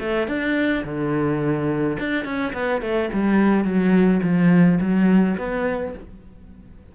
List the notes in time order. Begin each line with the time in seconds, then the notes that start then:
0.00 A3
0.28 D4
0.85 D3
1.99 D4
2.25 C#4
2.53 B3
2.82 A3
3.14 G3
3.65 F#3
4.23 F3
4.81 F#3
5.38 B3